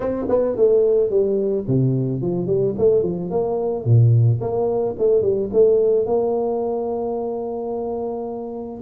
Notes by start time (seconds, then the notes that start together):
0.00 C4
0.29 B3
0.56 A3
1.09 G3
1.67 C3
2.21 F3
2.46 G3
2.77 A3
3.02 F3
3.30 A#3
3.85 A#2
4.40 A#3
4.98 A3
5.22 G3
5.52 A3
6.06 A#3